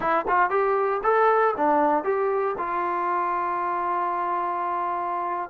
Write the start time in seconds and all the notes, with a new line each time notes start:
0.00 E4
0.28 F4
0.49 G4
1.03 A4
1.56 D4
2.04 G4
2.58 F4